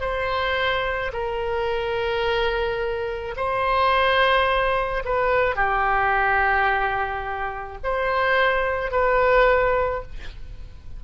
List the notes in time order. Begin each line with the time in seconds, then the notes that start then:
0.00 C5
1.12 A#4
3.36 C5
5.04 B4
5.55 G4
7.83 C5
8.91 B4